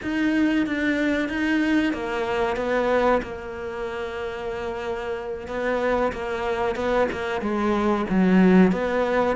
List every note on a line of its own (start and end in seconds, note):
0.02 0.66 D#4
0.66 1.28 D4
1.28 1.93 D#4
1.93 2.56 A#3
2.56 3.21 B3
3.22 5.47 A#3
5.47 6.12 B3
6.12 6.75 A#3
6.75 7.07 B3
7.11 7.41 A#3
7.41 8.05 G#3
8.09 8.72 F#3
8.72 9.36 B3